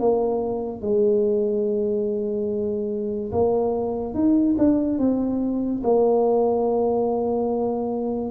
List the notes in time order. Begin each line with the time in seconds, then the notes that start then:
0.00 A#3
0.81 G#3
3.32 A#3
4.14 D#4
4.58 D4
4.99 C4
5.83 A#3